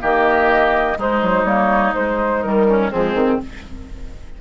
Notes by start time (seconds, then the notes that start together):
0.00 D#3 A#3 G4 D#5
0.97 G#3 D#4 C5
1.22 F#3
1.44 G3 A#3 C#5
1.94 G#3 C5
2.42 D#3 G3 A#4
2.67 C#4
2.91 F3 G#3 C4 G#4
3.14 D#3 C4